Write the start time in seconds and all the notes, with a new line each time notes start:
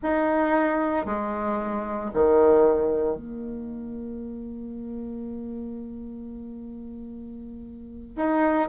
0.02 D#4
1.05 G#3
2.13 D#3
3.16 A#3
8.16 D#4